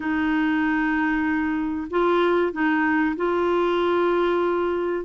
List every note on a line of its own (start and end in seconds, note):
0.00 1.88 D#4
1.90 2.52 F4
2.52 3.15 D#4
3.16 5.05 F4